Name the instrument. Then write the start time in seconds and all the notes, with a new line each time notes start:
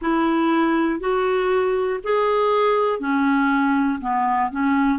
clarinet
0.01 E4
1.00 F#4
2.03 G#4
2.99 C#4
4.00 B3
4.50 C#4